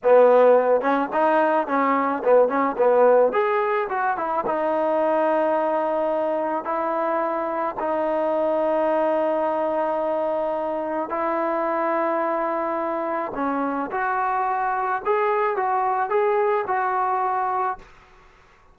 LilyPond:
\new Staff \with { instrumentName = "trombone" } { \time 4/4 \tempo 4 = 108 b4. cis'8 dis'4 cis'4 | b8 cis'8 b4 gis'4 fis'8 e'8 | dis'1 | e'2 dis'2~ |
dis'1 | e'1 | cis'4 fis'2 gis'4 | fis'4 gis'4 fis'2 | }